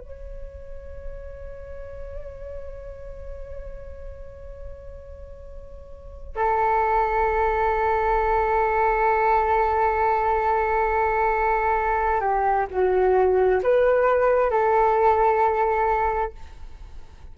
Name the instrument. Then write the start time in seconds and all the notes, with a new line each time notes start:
flute
0.00 C#5
6.36 A4
12.21 G4
12.71 F#4
13.63 B4
14.51 A4